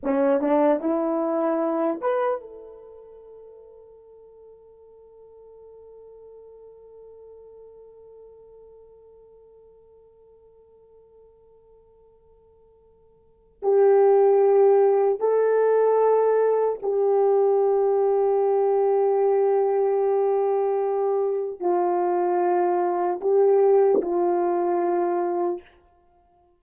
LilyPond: \new Staff \with { instrumentName = "horn" } { \time 4/4 \tempo 4 = 75 cis'8 d'8 e'4. b'8 a'4~ | a'1~ | a'1~ | a'1~ |
a'4 g'2 a'4~ | a'4 g'2.~ | g'2. f'4~ | f'4 g'4 f'2 | }